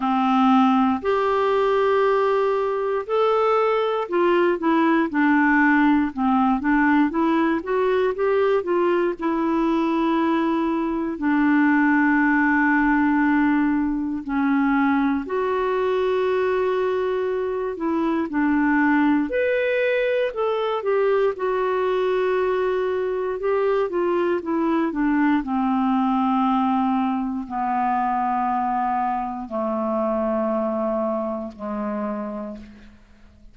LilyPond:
\new Staff \with { instrumentName = "clarinet" } { \time 4/4 \tempo 4 = 59 c'4 g'2 a'4 | f'8 e'8 d'4 c'8 d'8 e'8 fis'8 | g'8 f'8 e'2 d'4~ | d'2 cis'4 fis'4~ |
fis'4. e'8 d'4 b'4 | a'8 g'8 fis'2 g'8 f'8 | e'8 d'8 c'2 b4~ | b4 a2 gis4 | }